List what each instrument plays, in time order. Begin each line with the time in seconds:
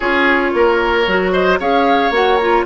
0.00 bassoon C#4, clarinet F4, oboe G#4, flute C#5
0.53 bassoon A#3, oboe A#4
1.06 bassoon F#3, clarinet F#4
1.32 oboe C5, flute D#5
1.59 bassoon C#4, clarinet G#4, oboe C#5, flute F5
2.10 bassoon A#3, clarinet F#4, flute F#5
2.37 clarinet F4, flute A#5